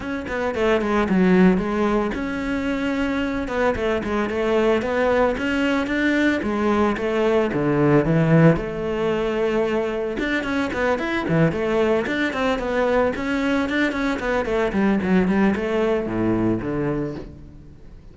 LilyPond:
\new Staff \with { instrumentName = "cello" } { \time 4/4 \tempo 4 = 112 cis'8 b8 a8 gis8 fis4 gis4 | cis'2~ cis'8 b8 a8 gis8 | a4 b4 cis'4 d'4 | gis4 a4 d4 e4 |
a2. d'8 cis'8 | b8 e'8 e8 a4 d'8 c'8 b8~ | b8 cis'4 d'8 cis'8 b8 a8 g8 | fis8 g8 a4 a,4 d4 | }